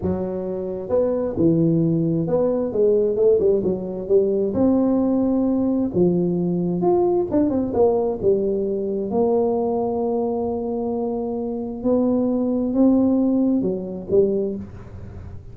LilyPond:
\new Staff \with { instrumentName = "tuba" } { \time 4/4 \tempo 4 = 132 fis2 b4 e4~ | e4 b4 gis4 a8 g8 | fis4 g4 c'2~ | c'4 f2 f'4 |
d'8 c'8 ais4 g2 | ais1~ | ais2 b2 | c'2 fis4 g4 | }